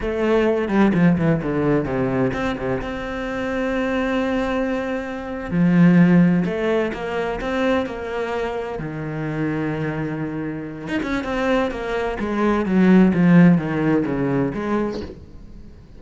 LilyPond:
\new Staff \with { instrumentName = "cello" } { \time 4/4 \tempo 4 = 128 a4. g8 f8 e8 d4 | c4 c'8 c8 c'2~ | c'2.~ c'8. f16~ | f4.~ f16 a4 ais4 c'16~ |
c'8. ais2 dis4~ dis16~ | dis2.~ dis16 dis'16 cis'8 | c'4 ais4 gis4 fis4 | f4 dis4 cis4 gis4 | }